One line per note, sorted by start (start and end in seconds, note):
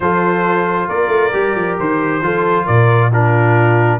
0.00 0.87 F3
0.00 1.32 F4
0.00 0.88 A4
0.00 0.88 C5
0.88 1.07 A#3
0.88 2.21 A#4
0.88 1.77 D5
1.07 1.29 A3
1.32 1.55 G3
1.32 2.21 G4
1.55 1.77 F3
1.79 2.21 D#3
1.79 2.66 C5
2.21 2.66 F3
2.21 3.11 F4
2.21 2.65 A4
2.65 3.99 A#2
2.65 3.10 A#4
2.65 3.10 D5
3.10 3.99 D4
3.10 3.99 F4
3.10 3.99 A#4